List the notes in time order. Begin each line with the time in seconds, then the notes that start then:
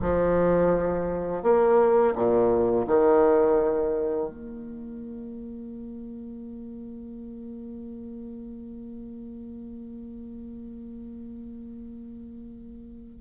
0.01 F3
1.43 A#3
2.15 A#2
2.87 D#3
4.29 A#3